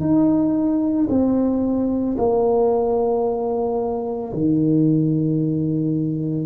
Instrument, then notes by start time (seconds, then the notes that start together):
tuba
0.00 D#4
1.09 C4
2.18 A#3
4.32 D#3